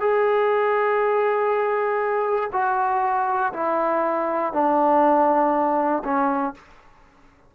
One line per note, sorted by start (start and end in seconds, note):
0.00 2.50 G#4
2.52 3.52 F#4
3.53 4.53 E4
4.53 6.03 D4
6.04 6.54 C#4